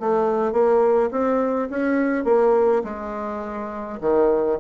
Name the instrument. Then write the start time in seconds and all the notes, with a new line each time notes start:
bassoon
0.00 A3
0.53 A#3
1.11 C4
1.70 C#4
2.25 A#3
2.84 G#3
4.01 D#3